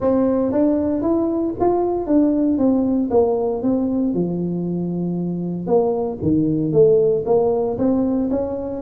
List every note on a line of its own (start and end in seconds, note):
0.00 0.52 C4
0.52 1.02 D4
1.02 1.54 E4
1.60 2.06 F4
2.06 2.57 D4
2.57 3.09 C4
3.10 3.62 A#3
3.62 4.14 C4
4.14 5.66 F3
5.66 6.18 A#3
6.22 6.72 D#3
6.72 7.24 A3
7.25 7.77 A#3
7.78 8.29 C4
8.30 8.81 C#4